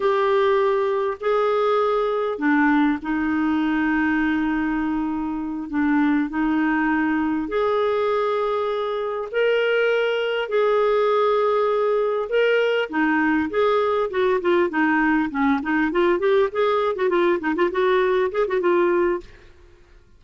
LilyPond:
\new Staff \with { instrumentName = "clarinet" } { \time 4/4 \tempo 4 = 100 g'2 gis'2 | d'4 dis'2.~ | dis'4. d'4 dis'4.~ | dis'8 gis'2. ais'8~ |
ais'4. gis'2~ gis'8~ | gis'8 ais'4 dis'4 gis'4 fis'8 | f'8 dis'4 cis'8 dis'8 f'8 g'8 gis'8~ | gis'16 fis'16 f'8 dis'16 f'16 fis'4 gis'16 fis'16 f'4 | }